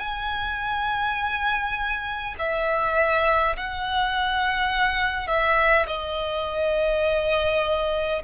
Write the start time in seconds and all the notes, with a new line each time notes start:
0.00 G#5
2.39 E5
3.57 F#5
5.28 E5
5.87 D#5